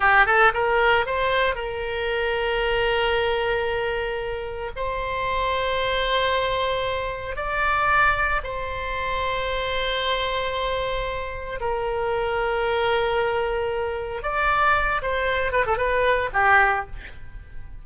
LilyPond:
\new Staff \with { instrumentName = "oboe" } { \time 4/4 \tempo 4 = 114 g'8 a'8 ais'4 c''4 ais'4~ | ais'1~ | ais'4 c''2.~ | c''2 d''2 |
c''1~ | c''2 ais'2~ | ais'2. d''4~ | d''8 c''4 b'16 a'16 b'4 g'4 | }